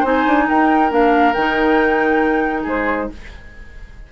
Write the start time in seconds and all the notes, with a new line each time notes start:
0.00 C4 D#4 C5 G#5
0.26 D4
0.48 D#4 A#4 G5
0.90 A#3 D4 F5
1.34 D#3 D#4 G5
2.63 G#3 G#4 C5